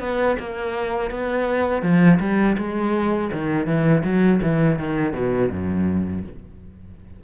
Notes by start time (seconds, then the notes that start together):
0.00 B3
0.40 A#3
1.11 B3
1.82 F3
2.20 G3
2.58 G#3
3.33 D#3
3.67 E3
4.04 F#3
4.42 E3
4.79 D#3
5.13 B2
5.50 F#2